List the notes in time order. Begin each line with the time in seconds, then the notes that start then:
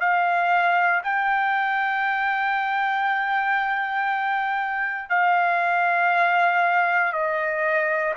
0.00 F5
1.03 G5
5.09 F5
7.12 D#5